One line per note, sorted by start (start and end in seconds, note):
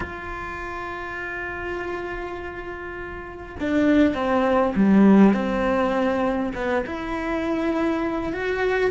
0.00 3.55 F4
3.59 4.14 D4
4.14 4.73 C4
4.75 5.33 G3
5.33 6.52 C4
6.55 6.84 B3
6.86 8.32 E4
8.32 8.90 F#4